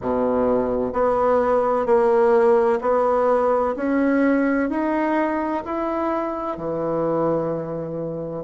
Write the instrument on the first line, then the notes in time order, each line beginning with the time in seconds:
bassoon
0.01 B2
0.92 B3
1.85 A#3
2.81 B3
3.75 C#4
4.69 D#4
5.65 E4
6.57 E3